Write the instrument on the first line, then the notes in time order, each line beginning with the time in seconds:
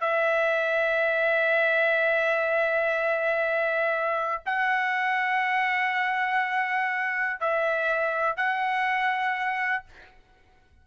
trumpet
0.00 E5
4.46 F#5
7.40 E5
8.37 F#5